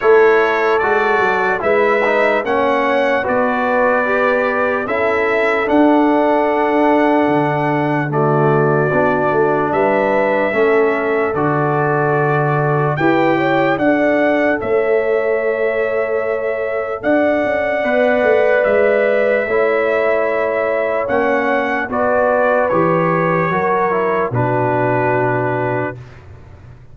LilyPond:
<<
  \new Staff \with { instrumentName = "trumpet" } { \time 4/4 \tempo 4 = 74 cis''4 d''4 e''4 fis''4 | d''2 e''4 fis''4~ | fis''2 d''2 | e''2 d''2 |
g''4 fis''4 e''2~ | e''4 fis''2 e''4~ | e''2 fis''4 d''4 | cis''2 b'2 | }
  \new Staff \with { instrumentName = "horn" } { \time 4/4 a'2 b'4 cis''4 | b'2 a'2~ | a'2 fis'2 | b'4 a'2. |
b'8 cis''8 d''4 cis''2~ | cis''4 d''2. | cis''2. b'4~ | b'4 ais'4 fis'2 | }
  \new Staff \with { instrumentName = "trombone" } { \time 4/4 e'4 fis'4 e'8 dis'8 cis'4 | fis'4 g'4 e'4 d'4~ | d'2 a4 d'4~ | d'4 cis'4 fis'2 |
g'4 a'2.~ | a'2 b'2 | e'2 cis'4 fis'4 | g'4 fis'8 e'8 d'2 | }
  \new Staff \with { instrumentName = "tuba" } { \time 4/4 a4 gis8 fis8 gis4 ais4 | b2 cis'4 d'4~ | d'4 d2 b8 a8 | g4 a4 d2 |
e'4 d'4 a2~ | a4 d'8 cis'8 b8 a8 gis4 | a2 ais4 b4 | e4 fis4 b,2 | }
>>